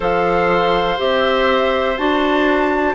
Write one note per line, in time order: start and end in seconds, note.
0.00 0.98 F3
0.00 0.97 A4
0.00 2.95 C5
0.00 0.99 F5
0.97 1.97 C4
0.97 1.95 G4
0.97 1.97 E5
1.97 2.95 D4
1.97 2.95 F#4
1.97 2.95 A5